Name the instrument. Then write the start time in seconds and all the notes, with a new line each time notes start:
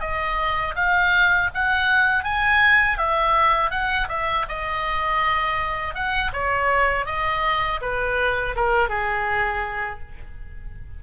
oboe
0.00 D#5
0.75 F5
1.54 F#5
2.24 G#5
2.97 E5
3.70 F#5
4.08 E5
4.48 D#5
5.94 F#5
6.33 C#5
7.05 D#5
7.81 B4
8.56 A#4
8.89 G#4